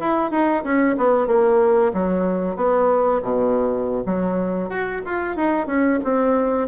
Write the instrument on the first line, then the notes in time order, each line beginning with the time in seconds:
bassoon
0.00 E4
0.31 D#4
0.64 C#4
0.98 B3
1.27 A#3
1.94 F#3
2.57 B3
3.23 B2
4.06 F#3
4.70 F#4
5.06 F4
5.37 D#4
5.67 C#4
6.04 C4